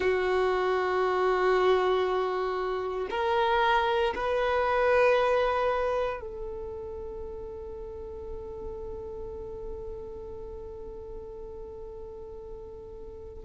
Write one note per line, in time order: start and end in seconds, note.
0.00 3.08 F#4
3.10 4.14 A#4
4.15 6.20 B4
6.20 13.44 A4